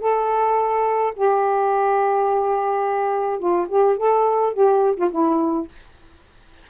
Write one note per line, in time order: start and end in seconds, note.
0.00 1.13 A4
1.16 3.39 G4
3.39 3.67 F4
3.68 3.97 G4
3.97 4.53 A4
4.53 4.96 G4
4.96 5.10 F4
5.11 5.68 E4